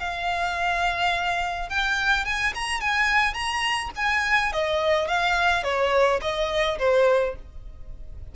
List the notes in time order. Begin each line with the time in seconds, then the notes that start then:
0.00 F5
1.70 G5
2.25 G#5
2.55 A#5
2.81 G#5
3.34 A#5
3.96 G#5
4.53 D#5
5.08 F5
5.63 C#5
6.22 D#5
6.79 C5